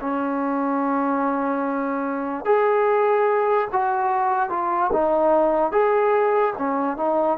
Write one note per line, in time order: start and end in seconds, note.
0.00 2.45 C#4
2.45 3.68 G#4
3.72 4.49 F#4
4.49 4.90 F4
4.92 5.71 D#4
5.71 6.53 G#4
6.58 6.97 C#4
6.97 7.38 D#4